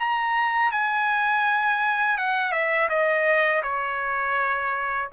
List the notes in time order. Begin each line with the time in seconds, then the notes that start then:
0.00 A#5
0.72 G#5
2.18 F#5
2.52 E5
2.90 D#5
3.64 C#5